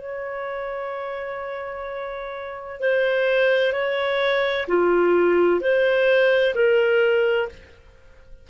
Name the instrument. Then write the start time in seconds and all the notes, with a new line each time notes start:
clarinet
0.00 C#5
2.80 C5
3.72 C#5
4.68 F4
5.60 C5
6.55 A#4